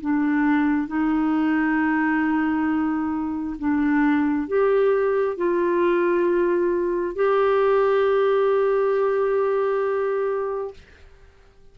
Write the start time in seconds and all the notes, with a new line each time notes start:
0.00 D4
0.87 D#4
3.58 D4
4.47 G4
5.37 F4
7.15 G4